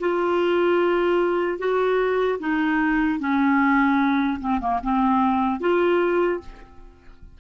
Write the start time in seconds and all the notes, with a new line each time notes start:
0.00 F4
1.59 F#4
2.40 D#4
3.20 C#4
4.40 C4
4.61 A#3
4.83 C4
5.60 F4